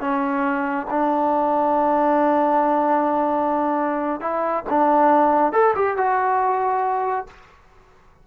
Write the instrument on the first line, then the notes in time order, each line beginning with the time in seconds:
trombone
0.00 C#4
0.90 D4
4.20 E4
4.69 D4
5.52 A4
5.75 G4
5.97 F#4